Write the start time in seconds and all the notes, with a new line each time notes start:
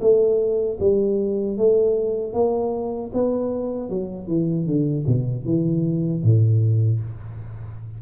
0.00 A3
0.79 G3
1.57 A3
2.33 A#3
3.13 B3
3.89 F#3
4.27 E3
4.66 D3
5.06 B2
5.45 E3
6.23 A2